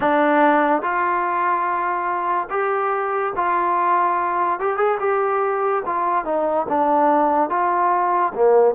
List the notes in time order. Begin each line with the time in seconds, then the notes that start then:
0.00 D4
0.81 F4
2.50 G4
3.35 F4
4.59 G4
4.77 G#4
4.99 G4
5.85 F4
6.24 D#4
6.69 D4
7.49 F4
8.34 A#3